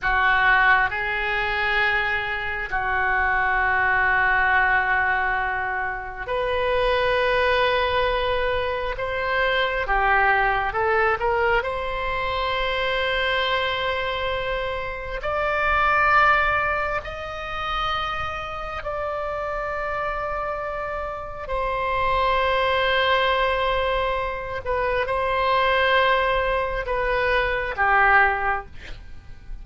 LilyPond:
\new Staff \with { instrumentName = "oboe" } { \time 4/4 \tempo 4 = 67 fis'4 gis'2 fis'4~ | fis'2. b'4~ | b'2 c''4 g'4 | a'8 ais'8 c''2.~ |
c''4 d''2 dis''4~ | dis''4 d''2. | c''2.~ c''8 b'8 | c''2 b'4 g'4 | }